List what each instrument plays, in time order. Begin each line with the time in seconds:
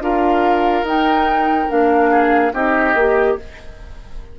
0.00 bassoon D4, clarinet F4, oboe A#4, flute F5
0.82 bassoon D#4, clarinet D#4, flute G5
1.69 bassoon A#3, clarinet D4, flute F5
2.11 oboe G#4
2.53 bassoon C4, clarinet D#4, oboe G4, flute D#5
2.94 bassoon A#3, clarinet G4